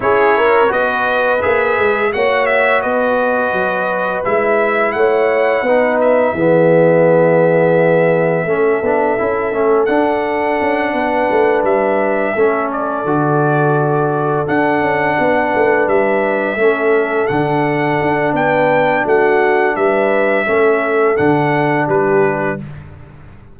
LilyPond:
<<
  \new Staff \with { instrumentName = "trumpet" } { \time 4/4 \tempo 4 = 85 cis''4 dis''4 e''4 fis''8 e''8 | dis''2 e''4 fis''4~ | fis''8 e''2.~ e''8~ | e''2 fis''2~ |
fis''8 e''4. d''2~ | d''8 fis''2 e''4.~ | e''8 fis''4. g''4 fis''4 | e''2 fis''4 b'4 | }
  \new Staff \with { instrumentName = "horn" } { \time 4/4 gis'8 ais'8 b'2 cis''4 | b'2. cis''4 | b'4 gis'2. | a'2.~ a'8 b'8~ |
b'4. a'2~ a'8~ | a'4. b'2 a'8~ | a'2 b'4 fis'4 | b'4 a'2 g'4 | }
  \new Staff \with { instrumentName = "trombone" } { \time 4/4 e'4 fis'4 gis'4 fis'4~ | fis'2 e'2 | dis'4 b2. | cis'8 d'8 e'8 cis'8 d'2~ |
d'4. cis'4 fis'4.~ | fis'8 d'2. cis'8~ | cis'8 d'2.~ d'8~ | d'4 cis'4 d'2 | }
  \new Staff \with { instrumentName = "tuba" } { \time 4/4 cis'4 b4 ais8 gis8 ais4 | b4 fis4 gis4 a4 | b4 e2. | a8 b8 cis'8 a8 d'4 cis'8 b8 |
a8 g4 a4 d4.~ | d8 d'8 cis'8 b8 a8 g4 a8~ | a8 d4 d'8 b4 a4 | g4 a4 d4 g4 | }
>>